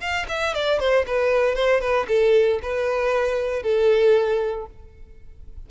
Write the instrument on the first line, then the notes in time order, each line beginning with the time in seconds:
violin
0.00 F5
0.28 E5
0.54 D5
0.79 C5
1.07 B4
1.55 C5
1.81 B4
2.08 A4
2.62 B4
3.63 A4